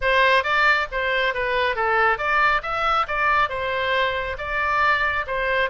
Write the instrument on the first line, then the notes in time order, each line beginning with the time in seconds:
oboe
0.01 C5
0.43 D5
0.91 C5
1.34 B4
1.75 A4
2.18 D5
2.62 E5
3.07 D5
3.49 C5
4.38 D5
5.27 C5